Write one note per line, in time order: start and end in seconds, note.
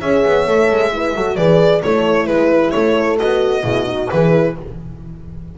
0.00 0.24 C#4
0.00 0.47 G#4
0.00 0.91 C#5
0.00 1.36 E5
0.25 0.47 B3
0.47 0.70 A3
0.47 0.92 A4
0.70 1.15 G#3
0.93 1.15 E4
0.93 1.16 B4
1.15 1.38 F#3
1.15 1.37 F#4
1.15 1.36 A4
1.36 1.83 E3
1.36 1.82 G#4
1.36 1.81 B4
1.36 1.82 D5
1.82 2.28 A3
1.82 2.73 E4
1.82 2.28 A4
1.82 2.27 C#5
2.27 2.73 G#3
2.27 3.18 E4
2.27 2.71 B4
2.71 3.21 A3
2.71 3.63 A4
2.71 3.17 C#5
3.18 3.64 B3
3.18 3.63 F#4
3.18 4.10 D#5
3.63 4.09 B2
3.63 3.86 E4
3.63 3.86 G#4
3.86 4.08 D#4
3.86 4.10 F#4
4.10 4.58 E3
4.10 4.57 E4
4.10 4.56 G#4
4.10 4.55 B4